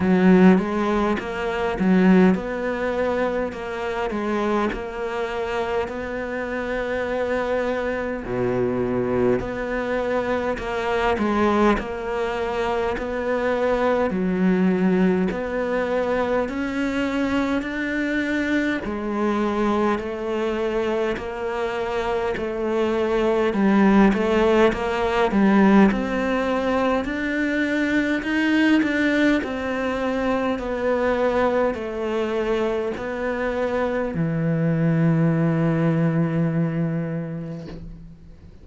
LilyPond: \new Staff \with { instrumentName = "cello" } { \time 4/4 \tempo 4 = 51 fis8 gis8 ais8 fis8 b4 ais8 gis8 | ais4 b2 b,4 | b4 ais8 gis8 ais4 b4 | fis4 b4 cis'4 d'4 |
gis4 a4 ais4 a4 | g8 a8 ais8 g8 c'4 d'4 | dis'8 d'8 c'4 b4 a4 | b4 e2. | }